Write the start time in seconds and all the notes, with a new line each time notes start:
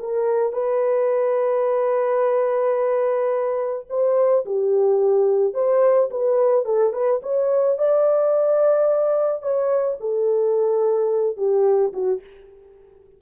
0.00 A#4
0.53 B4
3.90 C5
4.46 G4
5.54 C5
6.11 B4
6.66 A4
6.93 B4
7.23 C#5
7.79 D5
9.42 C#5
10.01 A4
11.38 G4
11.93 F#4